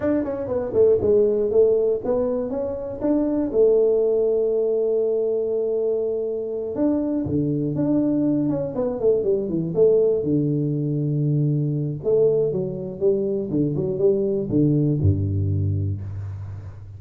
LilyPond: \new Staff \with { instrumentName = "tuba" } { \time 4/4 \tempo 4 = 120 d'8 cis'8 b8 a8 gis4 a4 | b4 cis'4 d'4 a4~ | a1~ | a4. d'4 d4 d'8~ |
d'4 cis'8 b8 a8 g8 e8 a8~ | a8 d2.~ d8 | a4 fis4 g4 d8 fis8 | g4 d4 g,2 | }